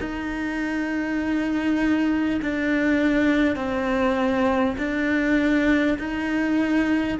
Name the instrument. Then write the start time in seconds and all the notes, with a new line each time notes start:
cello
0.00 D#4
2.42 D4
3.56 C4
4.78 D4
5.98 D#4